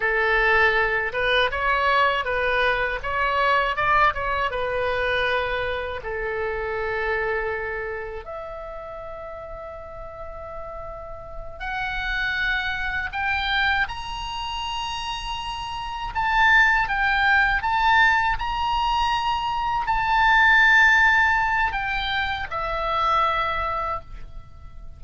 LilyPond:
\new Staff \with { instrumentName = "oboe" } { \time 4/4 \tempo 4 = 80 a'4. b'8 cis''4 b'4 | cis''4 d''8 cis''8 b'2 | a'2. e''4~ | e''2.~ e''8 fis''8~ |
fis''4. g''4 ais''4.~ | ais''4. a''4 g''4 a''8~ | a''8 ais''2 a''4.~ | a''4 g''4 e''2 | }